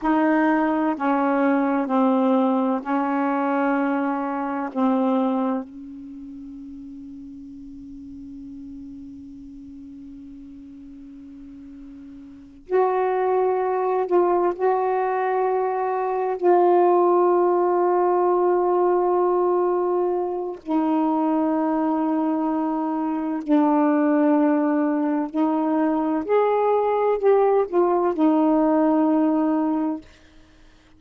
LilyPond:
\new Staff \with { instrumentName = "saxophone" } { \time 4/4 \tempo 4 = 64 dis'4 cis'4 c'4 cis'4~ | cis'4 c'4 cis'2~ | cis'1~ | cis'4. fis'4. f'8 fis'8~ |
fis'4. f'2~ f'8~ | f'2 dis'2~ | dis'4 d'2 dis'4 | gis'4 g'8 f'8 dis'2 | }